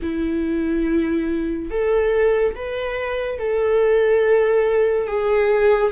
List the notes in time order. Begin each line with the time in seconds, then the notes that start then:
0.02 E4
1.70 A4
2.55 B4
3.38 A4
5.07 G#4